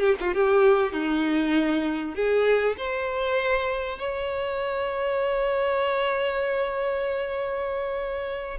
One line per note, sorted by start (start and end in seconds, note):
0.00 0.15 G4
0.20 0.34 F4
0.34 0.92 G4
0.92 2.15 D#4
2.15 2.76 G#4
2.77 3.99 C5
3.99 8.58 C#5